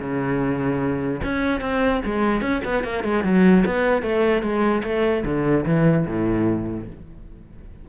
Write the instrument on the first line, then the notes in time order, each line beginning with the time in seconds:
cello
0.00 C#3
1.23 C#4
1.60 C4
2.05 G#3
2.41 C#4
2.64 B3
2.84 A#3
3.03 G#3
3.24 F#3
3.65 B3
4.02 A3
4.42 G#3
4.83 A3
5.25 D3
5.65 E3
6.06 A2